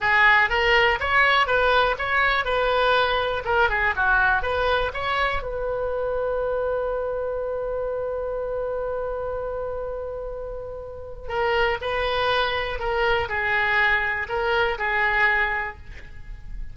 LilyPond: \new Staff \with { instrumentName = "oboe" } { \time 4/4 \tempo 4 = 122 gis'4 ais'4 cis''4 b'4 | cis''4 b'2 ais'8 gis'8 | fis'4 b'4 cis''4 b'4~ | b'1~ |
b'1~ | b'2. ais'4 | b'2 ais'4 gis'4~ | gis'4 ais'4 gis'2 | }